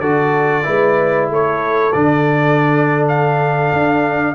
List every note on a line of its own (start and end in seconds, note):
0.00 0.65 D3
0.00 0.63 F#4
0.00 0.65 A4
0.00 1.29 D5
0.63 1.30 G#3
0.63 1.92 E4
0.63 1.30 B4
1.30 1.94 A3
1.30 4.35 A4
1.30 1.92 C#5
1.92 3.72 D3
1.92 4.35 D4
1.92 3.05 D5
3.09 4.35 F5
3.72 4.35 D4